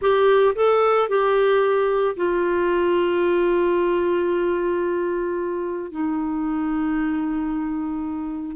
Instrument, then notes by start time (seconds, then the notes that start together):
clarinet
0.01 G4
0.55 A4
1.09 G4
2.16 F4
5.91 D#4